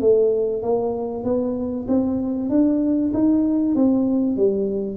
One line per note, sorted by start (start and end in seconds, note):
0.00 0.62 A3
0.62 1.24 A#3
1.24 1.86 B3
1.88 2.49 C4
2.49 3.12 D4
3.13 3.75 D#4
3.75 4.36 C4
4.36 4.97 G3